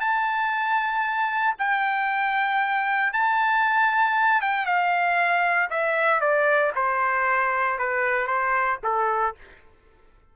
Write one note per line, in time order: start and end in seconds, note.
0.00 1.55 A5
1.58 3.13 G5
3.13 4.41 A5
4.41 4.66 G5
4.66 5.69 F5
5.70 6.20 E5
6.20 6.72 D5
6.75 7.78 C5
7.78 8.27 B4
8.27 8.78 C5
8.83 9.35 A4